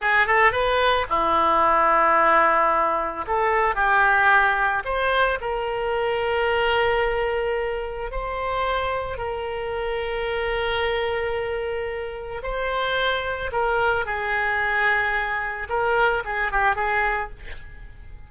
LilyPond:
\new Staff \with { instrumentName = "oboe" } { \time 4/4 \tempo 4 = 111 gis'8 a'8 b'4 e'2~ | e'2 a'4 g'4~ | g'4 c''4 ais'2~ | ais'2. c''4~ |
c''4 ais'2.~ | ais'2. c''4~ | c''4 ais'4 gis'2~ | gis'4 ais'4 gis'8 g'8 gis'4 | }